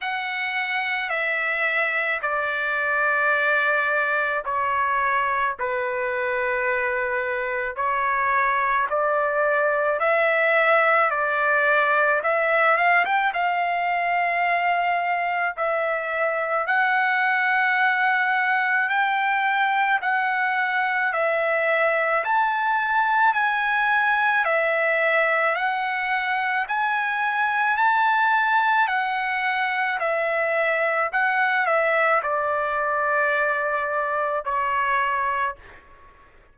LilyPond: \new Staff \with { instrumentName = "trumpet" } { \time 4/4 \tempo 4 = 54 fis''4 e''4 d''2 | cis''4 b'2 cis''4 | d''4 e''4 d''4 e''8 f''16 g''16 | f''2 e''4 fis''4~ |
fis''4 g''4 fis''4 e''4 | a''4 gis''4 e''4 fis''4 | gis''4 a''4 fis''4 e''4 | fis''8 e''8 d''2 cis''4 | }